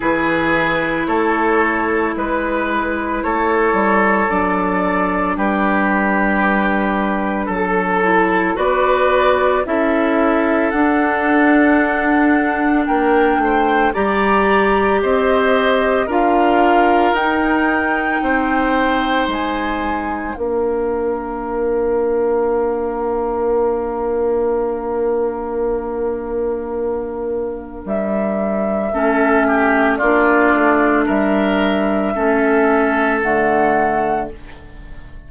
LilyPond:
<<
  \new Staff \with { instrumentName = "flute" } { \time 4/4 \tempo 4 = 56 b'4 cis''4 b'4 cis''4 | d''4 b'2 a'4 | d''4 e''4 fis''2 | g''4 ais''4 dis''4 f''4 |
g''2 gis''4 f''4~ | f''1~ | f''2 e''2 | d''4 e''2 fis''4 | }
  \new Staff \with { instrumentName = "oboe" } { \time 4/4 gis'4 a'4 b'4 a'4~ | a'4 g'2 a'4 | b'4 a'2. | ais'8 c''8 d''4 c''4 ais'4~ |
ais'4 c''2 ais'4~ | ais'1~ | ais'2. a'8 g'8 | f'4 ais'4 a'2 | }
  \new Staff \with { instrumentName = "clarinet" } { \time 4/4 e'1 | d'2.~ d'8 e'8 | fis'4 e'4 d'2~ | d'4 g'2 f'4 |
dis'2. d'4~ | d'1~ | d'2. cis'4 | d'2 cis'4 a4 | }
  \new Staff \with { instrumentName = "bassoon" } { \time 4/4 e4 a4 gis4 a8 g8 | fis4 g2 fis4 | b4 cis'4 d'2 | ais8 a8 g4 c'4 d'4 |
dis'4 c'4 gis4 ais4~ | ais1~ | ais2 g4 a4 | ais8 a8 g4 a4 d4 | }
>>